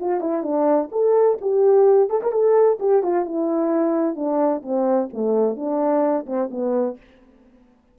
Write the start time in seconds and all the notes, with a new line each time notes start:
0.00 F4
0.21 E4
0.43 D4
0.92 A4
1.41 G4
2.10 A4
2.23 A#4
2.32 A4
2.79 G4
3.03 F4
3.25 E4
4.15 D4
4.63 C4
5.13 A3
5.56 D4
6.26 C4
6.51 B3